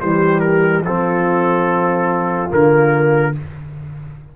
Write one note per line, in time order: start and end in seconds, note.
0.00 0.83 E3
0.00 0.85 G3
0.00 0.84 G4
0.00 0.40 C5
0.40 0.81 A#4
0.83 2.49 F3
0.83 2.49 C4
0.83 3.35 F4
0.83 2.51 A4
2.49 3.35 D3
2.49 3.32 A#3
2.49 3.36 A#4